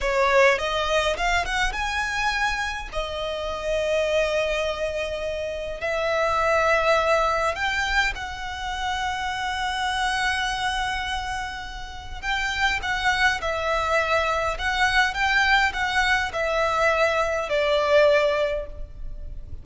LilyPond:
\new Staff \with { instrumentName = "violin" } { \time 4/4 \tempo 4 = 103 cis''4 dis''4 f''8 fis''8 gis''4~ | gis''4 dis''2.~ | dis''2 e''2~ | e''4 g''4 fis''2~ |
fis''1~ | fis''4 g''4 fis''4 e''4~ | e''4 fis''4 g''4 fis''4 | e''2 d''2 | }